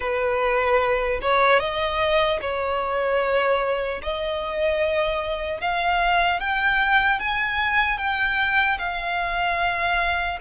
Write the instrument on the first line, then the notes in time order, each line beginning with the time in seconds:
violin
0.00 B4
1.21 C#5
1.59 D#5
2.41 C#5
4.02 D#5
5.60 F5
6.40 G5
7.19 G#5
7.97 G5
8.78 F5